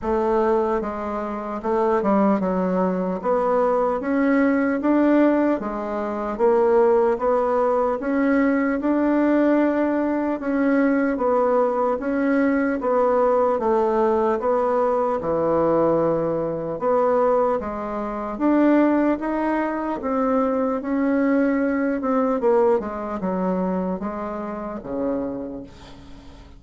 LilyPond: \new Staff \with { instrumentName = "bassoon" } { \time 4/4 \tempo 4 = 75 a4 gis4 a8 g8 fis4 | b4 cis'4 d'4 gis4 | ais4 b4 cis'4 d'4~ | d'4 cis'4 b4 cis'4 |
b4 a4 b4 e4~ | e4 b4 gis4 d'4 | dis'4 c'4 cis'4. c'8 | ais8 gis8 fis4 gis4 cis4 | }